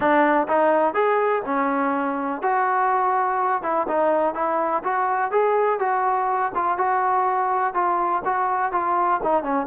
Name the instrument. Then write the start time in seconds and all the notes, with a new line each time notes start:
trombone
0.00 D4
0.48 D#4
0.94 G#4
1.45 C#4
2.42 F#4
3.62 E4
3.88 D#4
4.34 E4
4.83 F#4
5.31 G#4
5.79 F#4
6.55 F4
6.77 F#4
7.74 F4
8.25 F#4
8.71 F4
9.23 D#4
9.43 C#4